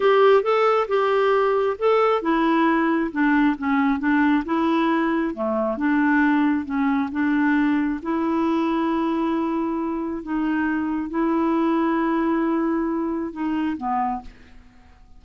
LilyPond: \new Staff \with { instrumentName = "clarinet" } { \time 4/4 \tempo 4 = 135 g'4 a'4 g'2 | a'4 e'2 d'4 | cis'4 d'4 e'2 | a4 d'2 cis'4 |
d'2 e'2~ | e'2. dis'4~ | dis'4 e'2.~ | e'2 dis'4 b4 | }